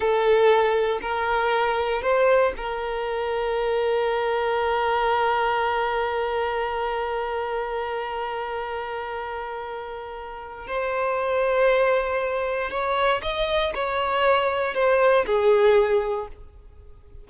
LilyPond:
\new Staff \with { instrumentName = "violin" } { \time 4/4 \tempo 4 = 118 a'2 ais'2 | c''4 ais'2.~ | ais'1~ | ais'1~ |
ais'1~ | ais'4 c''2.~ | c''4 cis''4 dis''4 cis''4~ | cis''4 c''4 gis'2 | }